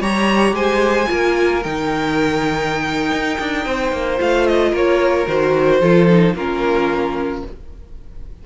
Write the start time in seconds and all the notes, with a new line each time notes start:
0.00 G3 G4 C#5 A#5
0.52 G#3 C5 G#5
1.08 A#3 F4 A#4
1.63 D#3 D#4 G5
3.11 D#4
3.40 D4
3.66 C4 C5
3.92 A#3
4.18 A3 F4 F5
4.47 D#5
4.70 A#3 A#4 C#5
5.27 D#3 F#4 C5
5.80 F3 F4 A4
6.09 D#4
6.34 A#3 C#4 F4 A#4